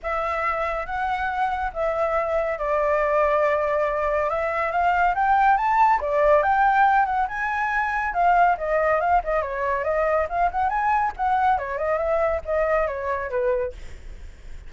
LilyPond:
\new Staff \with { instrumentName = "flute" } { \time 4/4 \tempo 4 = 140 e''2 fis''2 | e''2 d''2~ | d''2 e''4 f''4 | g''4 a''4 d''4 g''4~ |
g''8 fis''8 gis''2 f''4 | dis''4 f''8 dis''8 cis''4 dis''4 | f''8 fis''8 gis''4 fis''4 cis''8 dis''8 | e''4 dis''4 cis''4 b'4 | }